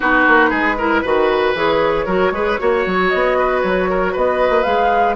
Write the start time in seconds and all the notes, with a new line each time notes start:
0.00 B3 D#4 F#4 B4
0.27 A#3
0.50 G#3 G#4
0.78 E4 A#4
1.02 D#3 F#4 B4
1.54 E3 G#4 C#5
2.05 F#3 F#4 A#4
2.31 G#3 G#4 B4
2.58 A#3 F#4 C#5
2.86 F#3
3.08 B3 D#5
3.38 B4
3.62 F#3 C#5
3.89 A#4
4.12 B3 B4 D#5
4.49 A#3
4.63 G#3 G#4 F5